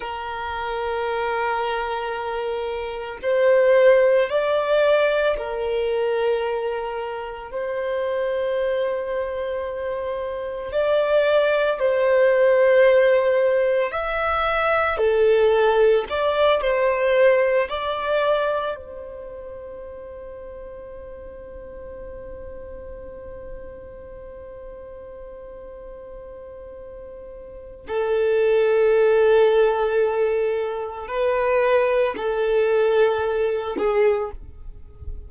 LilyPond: \new Staff \with { instrumentName = "violin" } { \time 4/4 \tempo 4 = 56 ais'2. c''4 | d''4 ais'2 c''4~ | c''2 d''4 c''4~ | c''4 e''4 a'4 d''8 c''8~ |
c''8 d''4 c''2~ c''8~ | c''1~ | c''2 a'2~ | a'4 b'4 a'4. gis'8 | }